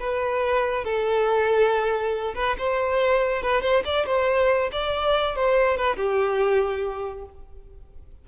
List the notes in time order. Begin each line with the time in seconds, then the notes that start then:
0.00 B4
0.84 A4
2.35 B4
2.58 C5
3.43 B4
3.62 C5
3.85 D5
4.06 C5
4.72 D5
5.36 C5
5.77 B4
5.96 G4